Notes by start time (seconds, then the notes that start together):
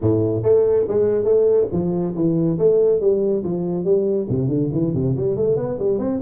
0.01 A2
0.43 A3
0.87 G#3
1.24 A3
1.72 F3
2.15 E3
2.58 A3
3.00 G3
3.43 F3
3.84 G3
4.29 C3
4.47 D3
4.72 E3
4.94 C3
5.16 G3
5.36 A3
5.56 B3
5.78 G3
5.98 C4